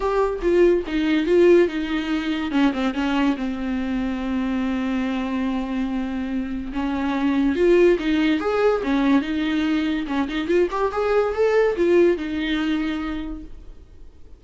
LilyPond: \new Staff \with { instrumentName = "viola" } { \time 4/4 \tempo 4 = 143 g'4 f'4 dis'4 f'4 | dis'2 cis'8 c'8 cis'4 | c'1~ | c'1 |
cis'2 f'4 dis'4 | gis'4 cis'4 dis'2 | cis'8 dis'8 f'8 g'8 gis'4 a'4 | f'4 dis'2. | }